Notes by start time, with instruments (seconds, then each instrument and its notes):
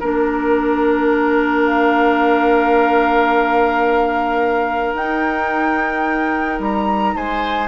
0.00 bassoon A#3, clarinet D4, flute A#4, oboe A#4
1.65 flute F5
4.94 bassoon D#4, clarinet D#4, flute G5
6.60 bassoon G3, flute A#5
7.16 bassoon G#3, oboe C5, flute G#5